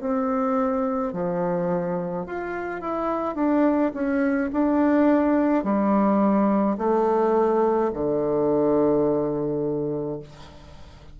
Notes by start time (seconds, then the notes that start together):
0.00 C4
1.13 F3
2.26 F4
2.81 E4
3.35 D4
3.94 C#4
4.52 D4
5.63 G3
6.78 A3
7.93 D3